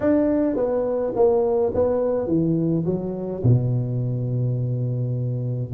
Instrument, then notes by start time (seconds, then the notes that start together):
tuba
0.00 D4
0.56 B3
1.15 A#3
1.74 B3
2.27 E3
2.85 F#3
3.43 B2